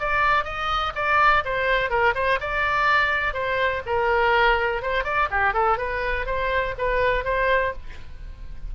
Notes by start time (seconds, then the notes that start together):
0.00 D5
0.45 D#5
0.96 D5
1.45 C5
1.90 A#4
2.16 C5
2.41 D5
3.34 C5
3.86 A#4
4.83 C5
5.05 D5
5.31 G4
5.54 A4
5.78 B4
6.26 C5
6.79 B4
7.25 C5